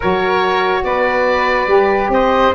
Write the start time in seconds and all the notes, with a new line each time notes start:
0.00 F#3 F#4 A#4 C#5
0.83 B3 B4 D5
1.67 G3 G4
2.08 C4 C5 D#5